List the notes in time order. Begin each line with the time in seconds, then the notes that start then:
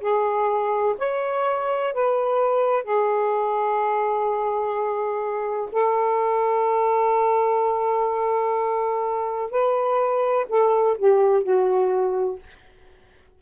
0.00 G#4
0.99 C#5
1.94 B4
2.84 G#4
5.72 A4
9.51 B4
10.49 A4
10.98 G4
11.44 F#4